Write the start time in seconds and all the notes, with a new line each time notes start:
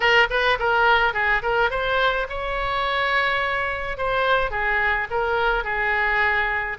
0.00 A#4
0.30 B4
0.59 A#4
1.13 G#4
1.42 A#4
1.70 C5
2.29 C#5
3.97 C5
4.51 G#4
5.10 A#4
5.64 G#4